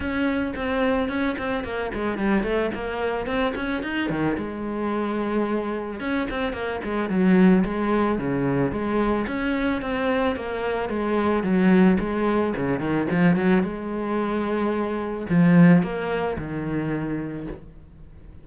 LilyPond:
\new Staff \with { instrumentName = "cello" } { \time 4/4 \tempo 4 = 110 cis'4 c'4 cis'8 c'8 ais8 gis8 | g8 a8 ais4 c'8 cis'8 dis'8 dis8 | gis2. cis'8 c'8 | ais8 gis8 fis4 gis4 cis4 |
gis4 cis'4 c'4 ais4 | gis4 fis4 gis4 cis8 dis8 | f8 fis8 gis2. | f4 ais4 dis2 | }